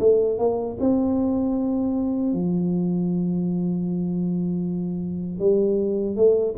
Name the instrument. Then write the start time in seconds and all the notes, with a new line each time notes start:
tuba
0.00 A3
0.39 A#3
0.80 C4
2.33 F3
5.40 G3
6.16 A3